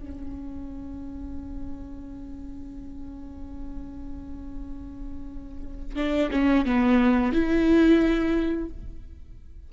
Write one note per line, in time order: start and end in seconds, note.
0.00 5.96 C#4
5.96 6.30 D4
6.31 6.65 C#4
6.65 7.33 B3
7.33 8.69 E4